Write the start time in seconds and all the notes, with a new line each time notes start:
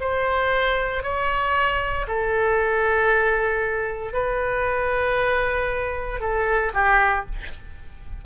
0.00 C5
1.03 C#5
2.07 A4
4.13 B4
6.20 A4
6.74 G4